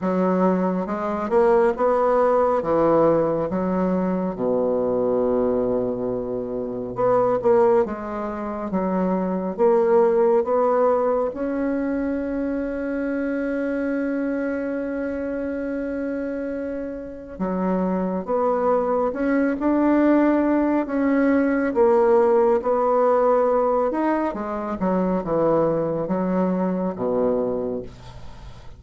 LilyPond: \new Staff \with { instrumentName = "bassoon" } { \time 4/4 \tempo 4 = 69 fis4 gis8 ais8 b4 e4 | fis4 b,2. | b8 ais8 gis4 fis4 ais4 | b4 cis'2.~ |
cis'1 | fis4 b4 cis'8 d'4. | cis'4 ais4 b4. dis'8 | gis8 fis8 e4 fis4 b,4 | }